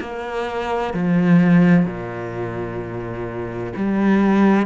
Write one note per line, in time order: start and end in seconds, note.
0.00 0.93 A#3
0.93 1.85 F3
1.85 3.72 A#2
3.76 4.66 G3